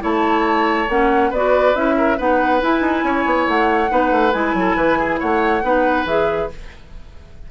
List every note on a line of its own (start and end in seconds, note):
0.00 0.88 A3
0.00 0.86 E4
0.00 1.30 C#5
0.00 0.89 A5
0.88 1.31 A#3
0.88 1.32 C#4
0.88 1.32 F#5
1.30 1.74 B3
1.30 1.74 F#4
1.30 1.94 B4
1.30 1.75 D5
1.74 2.18 C#4
1.74 2.17 E4
1.74 2.18 E5
1.97 2.17 A#4
2.17 2.62 B3
2.17 2.61 D#4
2.17 3.03 B4
2.17 2.61 F#5
2.61 3.88 E4
2.61 2.80 E4
2.61 3.48 G#5
2.80 3.02 D#4
3.03 3.24 C#4
3.03 3.91 C#5
3.25 3.47 B3
3.47 3.90 A3
3.47 4.32 F#5
3.88 4.11 B3
3.88 4.31 D#4
3.88 4.55 B4
4.11 4.33 A3
4.32 4.54 G#3
4.32 5.62 E4
4.32 5.18 G#5
4.54 4.75 F#3
4.54 4.76 A4
4.76 5.19 E3
4.76 4.98 B4
4.98 5.19 G#4
5.19 5.62 A3
5.19 5.62 C#5
5.19 6.06 F#5
5.62 6.04 B3
5.62 6.06 D#4
5.62 6.50 B4
6.04 6.47 E3
6.04 6.50 G#4
6.04 6.50 E5